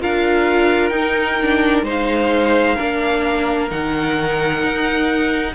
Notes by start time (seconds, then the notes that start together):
0.00 D4 F4 A#4 F5
0.89 D#4 G5
1.42 D4
1.82 G#3 D#4 C5
1.90 F5
2.75 A#3 D4 A#4
3.70 D#3 D#4 F#5
4.63 D#4